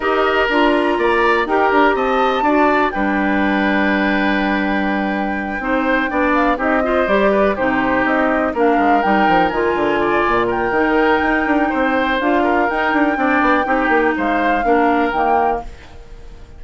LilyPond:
<<
  \new Staff \with { instrumentName = "flute" } { \time 4/4 \tempo 4 = 123 dis''4 ais''2 g''8 ais''8 | a''2 g''2~ | g''1~ | g''4 f''8 dis''4 d''4 c''8~ |
c''8 dis''4 f''4 g''4 gis''8~ | gis''4. g''2~ g''8~ | g''4 f''4 g''2~ | g''4 f''2 g''4 | }
  \new Staff \with { instrumentName = "oboe" } { \time 4/4 ais'2 d''4 ais'4 | dis''4 d''4 b'2~ | b'2.~ b'8 c''8~ | c''8 d''4 g'8 c''4 b'8 g'8~ |
g'4. ais'2~ ais'8~ | ais'8 d''4 ais'2~ ais'8 | c''4. ais'4. d''4 | g'4 c''4 ais'2 | }
  \new Staff \with { instrumentName = "clarinet" } { \time 4/4 g'4 f'2 g'4~ | g'4 fis'4 d'2~ | d'2.~ d'8 dis'8~ | dis'8 d'4 dis'8 f'8 g'4 dis'8~ |
dis'4. d'4 dis'4 f'8~ | f'2 dis'2~ | dis'4 f'4 dis'4 d'4 | dis'2 d'4 ais4 | }
  \new Staff \with { instrumentName = "bassoon" } { \time 4/4 dis'4 d'4 ais4 dis'8 d'8 | c'4 d'4 g2~ | g2.~ g8 c'8~ | c'8 b4 c'4 g4 c8~ |
c8 c'4 ais8 gis8 g8 f8 dis8 | d4 ais,4 dis4 dis'8 d'8 | c'4 d'4 dis'8 d'8 c'8 b8 | c'8 ais8 gis4 ais4 dis4 | }
>>